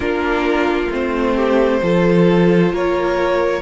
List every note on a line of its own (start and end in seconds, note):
0.00 0.87 A#3
0.00 0.89 D4
0.00 1.35 F4
0.00 0.91 A#4
0.90 1.81 A3
0.90 1.82 C4
0.90 2.74 C5
1.35 1.80 G4
1.82 2.72 F3
1.82 3.62 F4
1.82 2.72 A4
2.72 3.62 A#3
2.72 3.62 A#4
2.72 3.62 C#5